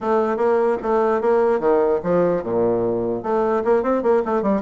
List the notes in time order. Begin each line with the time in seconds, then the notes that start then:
0.01 A3
0.36 A#3
0.82 A3
1.21 A#3
1.59 D#3
2.03 F3
2.43 A#2
3.22 A3
3.64 A#3
3.82 C4
4.02 A#3
4.25 A3
4.42 G3